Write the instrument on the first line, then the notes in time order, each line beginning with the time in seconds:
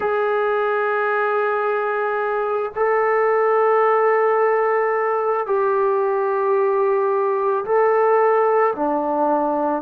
trombone
0.00 G#4
2.75 A4
5.46 G4
7.64 A4
8.75 D4